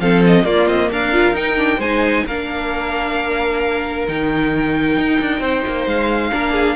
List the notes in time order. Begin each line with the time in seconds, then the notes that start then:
0.00 F3 C4 A4 F5
0.26 D#5
0.44 A#3 F4 D5
0.67 C4 D#5
0.92 D4 A#4 F5
1.13 F4
1.32 D#4 G5
1.56 D4
1.78 G#3 D#4 C5 G#5
2.27 A#3 D4 A#4 F5
4.07 D#3 D#4 G5
4.97 D#4
5.20 D4
5.40 C4 C5
5.67 A#3
5.86 G#3 F5
6.32 A#3 D4 A#4
6.53 G#4